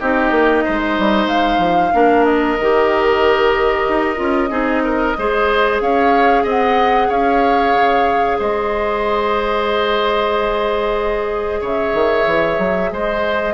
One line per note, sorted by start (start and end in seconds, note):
0.00 0.31 C4
0.00 1.93 D#4
0.00 0.64 G4
0.00 1.28 D#5
0.31 0.63 A#3
0.64 0.99 G#3
0.64 1.93 C5
0.99 1.26 G3
1.26 1.58 G#3
1.26 2.25 F5
1.58 1.90 F3
1.93 2.59 A#3
1.93 2.58 D4
1.93 4.50 A#4
2.25 5.80 D#5
2.59 3.88 D#3
2.59 4.17 G4
3.89 4.19 D#4
4.17 4.50 C#4
4.17 4.49 F4
4.50 5.15 C4
4.50 5.14 D#4
4.50 4.83 G#4
4.84 5.17 A#4
5.18 5.81 G#3
5.18 13.54 G#4
5.18 5.83 C5
5.81 6.45 C#4
5.81 6.43 C#5
5.81 6.45 F5
6.43 7.09 C4
6.43 7.08 D#5
6.50 7.11 F#5
7.09 7.74 C#4
7.09 8.38 C#5
7.09 8.40 F5
7.74 8.39 C#3
8.39 11.61 G#3
8.39 11.61 C5
8.39 11.63 D#5
11.61 11.94 C#3
11.61 12.90 C#5
11.61 12.92 E5
11.94 12.26 D#3
12.26 12.58 E3
12.58 12.91 F#3
12.91 13.54 G#3
12.91 13.54 C5
12.91 13.54 D#5